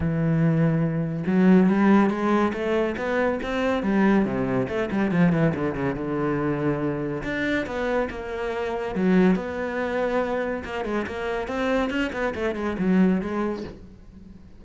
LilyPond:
\new Staff \with { instrumentName = "cello" } { \time 4/4 \tempo 4 = 141 e2. fis4 | g4 gis4 a4 b4 | c'4 g4 c4 a8 g8 | f8 e8 d8 cis8 d2~ |
d4 d'4 b4 ais4~ | ais4 fis4 b2~ | b4 ais8 gis8 ais4 c'4 | cis'8 b8 a8 gis8 fis4 gis4 | }